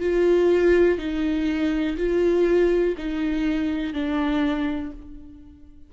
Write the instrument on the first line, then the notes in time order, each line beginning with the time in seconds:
viola
0.00 F4
0.98 D#4
1.97 F4
2.97 D#4
3.93 D4